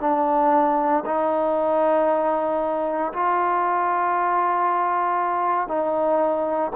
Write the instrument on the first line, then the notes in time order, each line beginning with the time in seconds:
trombone
0.00 D4
1.05 D#4
3.12 F4
5.68 D#4